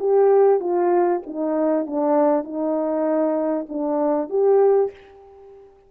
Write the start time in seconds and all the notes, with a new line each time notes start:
0.00 G4
0.60 F4
1.27 D#4
1.87 D4
2.45 D#4
3.69 D4
4.30 G4